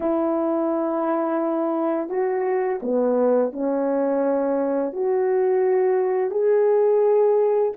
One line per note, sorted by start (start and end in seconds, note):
0.00 2.09 E4
2.09 2.79 F#4
2.82 3.52 B3
3.52 4.92 C#4
4.92 6.30 F#4
6.30 7.72 G#4